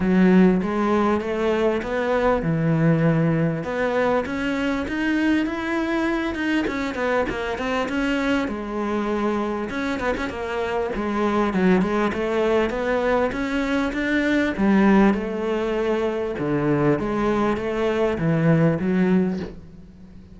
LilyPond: \new Staff \with { instrumentName = "cello" } { \time 4/4 \tempo 4 = 99 fis4 gis4 a4 b4 | e2 b4 cis'4 | dis'4 e'4. dis'8 cis'8 b8 | ais8 c'8 cis'4 gis2 |
cis'8 b16 cis'16 ais4 gis4 fis8 gis8 | a4 b4 cis'4 d'4 | g4 a2 d4 | gis4 a4 e4 fis4 | }